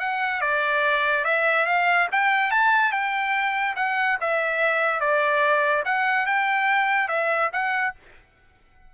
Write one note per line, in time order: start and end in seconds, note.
0.00 0.41 F#5
0.41 1.25 D5
1.25 1.66 E5
1.66 2.08 F5
2.12 2.51 G5
2.51 2.92 A5
2.92 3.75 G5
3.76 4.18 F#5
4.21 5.00 E5
5.00 5.84 D5
5.85 6.26 F#5
6.26 7.09 G5
7.09 7.50 E5
7.53 7.95 F#5